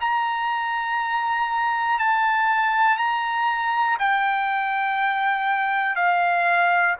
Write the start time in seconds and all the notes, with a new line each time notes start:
0.00 A#5
1.99 A5
2.97 A#5
3.99 G5
5.95 F5